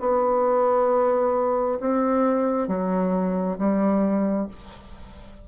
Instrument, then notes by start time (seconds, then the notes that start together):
bassoon
0.00 B3
1.80 C4
2.68 F#3
3.59 G3